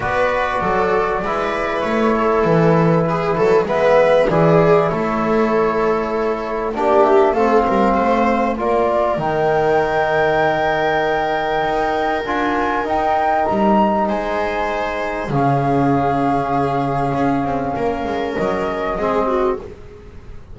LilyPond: <<
  \new Staff \with { instrumentName = "flute" } { \time 4/4 \tempo 4 = 98 d''2. cis''4 | b'2 e''4 d''4 | cis''2. d''8 e''8 | f''2 d''4 g''4~ |
g''1 | gis''4 g''4 ais''4 gis''4~ | gis''4 f''2.~ | f''2 dis''2 | }
  \new Staff \with { instrumentName = "viola" } { \time 4/4 b'4 a'4 b'4. a'8~ | a'4 gis'8 a'8 b'4 gis'4 | a'2. g'4 | a'8 ais'8 c''4 ais'2~ |
ais'1~ | ais'2. c''4~ | c''4 gis'2.~ | gis'4 ais'2 gis'8 fis'8 | }
  \new Staff \with { instrumentName = "trombone" } { \time 4/4 fis'2 e'2~ | e'2 b4 e'4~ | e'2. d'4 | c'2 f'4 dis'4~ |
dis'1 | f'4 dis'2.~ | dis'4 cis'2.~ | cis'2. c'4 | }
  \new Staff \with { instrumentName = "double bass" } { \time 4/4 b4 fis4 gis4 a4 | e4. fis8 gis4 e4 | a2. ais4 | a8 g8 a4 ais4 dis4~ |
dis2. dis'4 | d'4 dis'4 g4 gis4~ | gis4 cis2. | cis'8 c'8 ais8 gis8 fis4 gis4 | }
>>